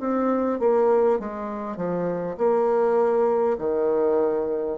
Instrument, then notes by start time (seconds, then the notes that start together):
bassoon
0.00 C4
0.59 A#3
1.19 G#3
1.77 F3
2.37 A#3
3.58 D#3